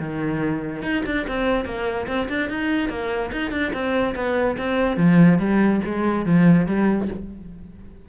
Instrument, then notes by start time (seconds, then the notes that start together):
cello
0.00 D#3
0.83 D#4
1.06 D4
1.28 C4
1.65 A#3
2.07 C4
2.29 D4
2.50 D#4
2.90 A#3
3.32 D#4
3.52 D4
3.74 C4
4.15 B3
4.58 C4
4.97 F3
5.39 G3
5.85 G#3
6.26 F3
6.67 G3